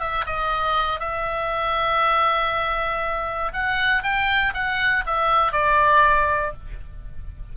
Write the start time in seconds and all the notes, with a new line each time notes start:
0.00 E5
0.27 D#5
1.00 E5
3.53 F#5
4.03 G5
4.54 F#5
5.06 E5
5.53 D5